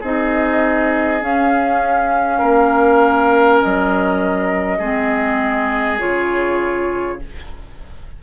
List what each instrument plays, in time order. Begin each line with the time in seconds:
0.00 bassoon C4, clarinet D#4, oboe G#4, flute D#5
1.20 clarinet C#4, bassoon C#4, flute F5
2.39 bassoon A#3, oboe A#4
3.60 bassoon F#3, flute D#5
4.79 bassoon G#3, clarinet C4, oboe G#4
5.99 bassoon C#3, clarinet F4, flute C#5